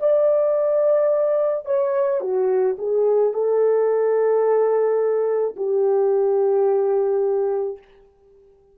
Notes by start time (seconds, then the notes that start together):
0.00 D5
1.66 C#5
2.21 F#4
2.78 G#4
3.33 A4
5.57 G4